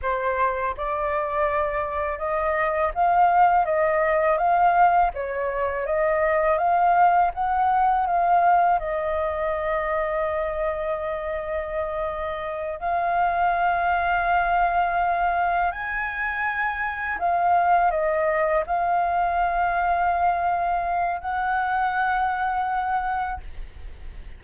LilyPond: \new Staff \with { instrumentName = "flute" } { \time 4/4 \tempo 4 = 82 c''4 d''2 dis''4 | f''4 dis''4 f''4 cis''4 | dis''4 f''4 fis''4 f''4 | dis''1~ |
dis''4. f''2~ f''8~ | f''4. gis''2 f''8~ | f''8 dis''4 f''2~ f''8~ | f''4 fis''2. | }